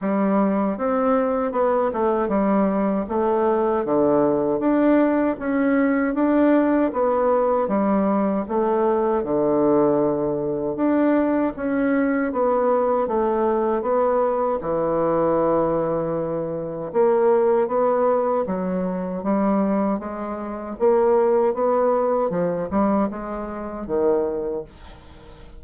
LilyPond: \new Staff \with { instrumentName = "bassoon" } { \time 4/4 \tempo 4 = 78 g4 c'4 b8 a8 g4 | a4 d4 d'4 cis'4 | d'4 b4 g4 a4 | d2 d'4 cis'4 |
b4 a4 b4 e4~ | e2 ais4 b4 | fis4 g4 gis4 ais4 | b4 f8 g8 gis4 dis4 | }